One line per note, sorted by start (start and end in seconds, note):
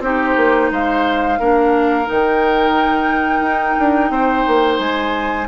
0.00 0.34 C4
0.00 1.39 D#4
0.00 0.71 G4
0.00 0.71 C5
0.36 0.70 A#3
0.71 1.39 G#3
0.71 1.39 C5
0.71 2.08 F5
1.39 2.07 A#3
1.39 2.05 D4
1.39 4.11 A#4
2.05 3.40 D#3
2.05 5.46 D#4
2.05 4.79 G5
3.40 3.74 D#4
3.79 4.09 D4
4.09 4.43 C4
4.09 5.47 C5
4.47 4.79 A#3
4.79 5.47 G#3
4.79 5.47 G#5